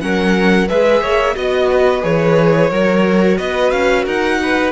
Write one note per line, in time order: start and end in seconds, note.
0.00 0.69 F#3
0.00 0.67 C#4
0.00 0.68 A#4
0.00 0.68 F#5
0.68 1.02 G#3
0.68 1.35 G#4
0.68 1.01 B4
0.68 1.36 E5
1.01 1.35 A#3
1.01 1.35 C#5
1.35 2.03 B3
1.35 2.01 F#4
1.35 1.69 D#5
1.35 2.04 D#5
1.70 2.70 B4
2.01 2.71 E3
2.01 2.69 G#4
2.01 3.37 C#5
2.70 3.38 F#3
2.70 4.72 F#4
2.70 3.37 A#4
3.37 3.72 B3
3.37 4.05 B4
3.37 3.71 D#5
3.71 4.06 C#4
3.71 4.04 F5
4.05 4.72 D#4
4.05 4.38 A#4
4.05 4.72 F#5
4.43 4.72 B4